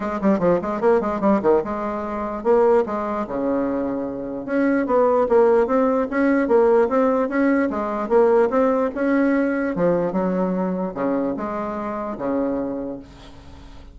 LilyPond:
\new Staff \with { instrumentName = "bassoon" } { \time 4/4 \tempo 4 = 148 gis8 g8 f8 gis8 ais8 gis8 g8 dis8 | gis2 ais4 gis4 | cis2. cis'4 | b4 ais4 c'4 cis'4 |
ais4 c'4 cis'4 gis4 | ais4 c'4 cis'2 | f4 fis2 cis4 | gis2 cis2 | }